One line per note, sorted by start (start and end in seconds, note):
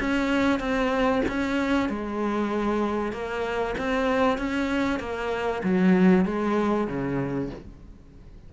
0.00 0.60 C#4
0.60 1.22 C4
1.29 1.89 C#4
1.89 3.12 G#3
3.12 3.75 A#3
3.78 4.38 C4
4.38 5.00 C#4
5.00 5.62 A#3
5.64 6.25 F#3
6.25 6.88 G#3
6.88 7.50 C#3